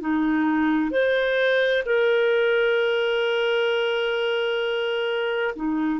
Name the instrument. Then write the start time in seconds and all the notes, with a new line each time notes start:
clarinet
0.00 D#4
0.91 C5
1.85 A#4
5.56 D#4